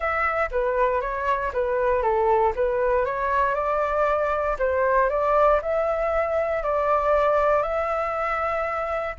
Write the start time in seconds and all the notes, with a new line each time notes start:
0.00 E5
0.51 B4
1.01 C#5
1.53 B4
2.02 A4
2.55 B4
3.05 C#5
3.55 D5
4.58 C5
5.09 D5
5.62 E5
6.63 D5
7.62 E5